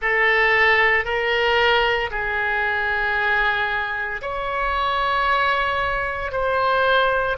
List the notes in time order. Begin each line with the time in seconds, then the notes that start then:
0.01 A4
1.04 A#4
2.11 G#4
4.21 C#5
6.31 C5